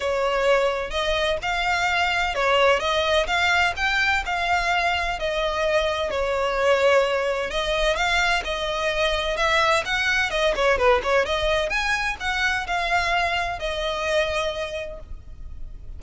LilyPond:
\new Staff \with { instrumentName = "violin" } { \time 4/4 \tempo 4 = 128 cis''2 dis''4 f''4~ | f''4 cis''4 dis''4 f''4 | g''4 f''2 dis''4~ | dis''4 cis''2. |
dis''4 f''4 dis''2 | e''4 fis''4 dis''8 cis''8 b'8 cis''8 | dis''4 gis''4 fis''4 f''4~ | f''4 dis''2. | }